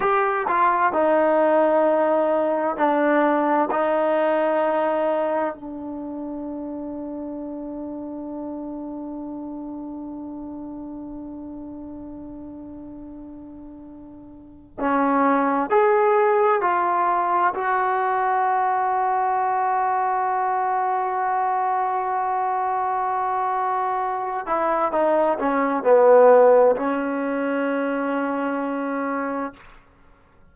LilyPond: \new Staff \with { instrumentName = "trombone" } { \time 4/4 \tempo 4 = 65 g'8 f'8 dis'2 d'4 | dis'2 d'2~ | d'1~ | d'1 |
cis'4 gis'4 f'4 fis'4~ | fis'1~ | fis'2~ fis'8 e'8 dis'8 cis'8 | b4 cis'2. | }